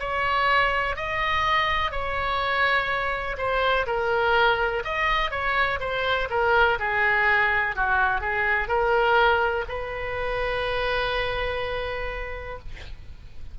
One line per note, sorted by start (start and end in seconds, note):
0.00 0.96 C#5
0.96 1.92 D#5
1.92 3.37 C#5
3.38 3.86 C5
3.87 4.83 A#4
4.85 5.31 D#5
5.31 5.80 C#5
5.80 6.29 C5
6.31 6.79 A#4
6.80 7.76 G#4
7.76 8.21 F#4
8.21 8.68 G#4
8.68 9.65 A#4
9.69 12.59 B4